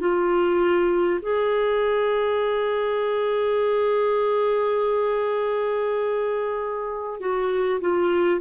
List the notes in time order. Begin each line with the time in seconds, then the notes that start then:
0.00 F4
1.22 G#4
7.20 F#4
7.81 F4